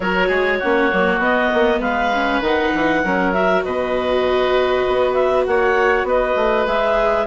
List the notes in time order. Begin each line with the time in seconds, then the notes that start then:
0.00 F#3 F#4 A#4 C#5
0.27 G#3 G#4
0.59 A#3 C#4 F#4
0.91 F#3 A#3
1.18 B3 D#5
1.53 A#3
1.79 G#3 B4 F5
2.13 C#4
2.40 D#3 D#4 F#5
2.74 E3
3.03 F#3 C#4 A#4
3.32 F#4 E5
3.63 B2 B4 D#5
4.87 B3
5.13 E5
5.46 A#3 C#5 F#5
6.03 B3 B4 D#5
6.36 A3
6.66 G#3 G#4 E5